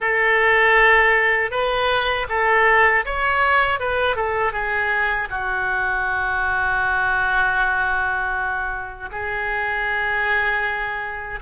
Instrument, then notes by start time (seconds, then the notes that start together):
oboe
0.00 A4
1.51 B4
2.29 A4
3.05 C#5
3.79 B4
4.16 A4
4.52 G#4
5.30 F#4
9.11 G#4